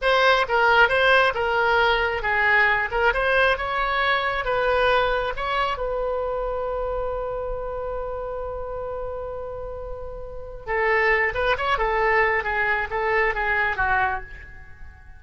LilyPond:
\new Staff \with { instrumentName = "oboe" } { \time 4/4 \tempo 4 = 135 c''4 ais'4 c''4 ais'4~ | ais'4 gis'4. ais'8 c''4 | cis''2 b'2 | cis''4 b'2.~ |
b'1~ | b'1 | a'4. b'8 cis''8 a'4. | gis'4 a'4 gis'4 fis'4 | }